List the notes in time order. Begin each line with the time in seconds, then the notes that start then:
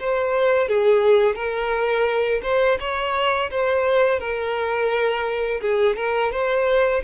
0.00 C5
0.69 G#4
1.36 A#4
2.43 C5
2.80 C#5
3.51 C5
4.20 A#4
5.61 G#4
5.97 A#4
6.32 C5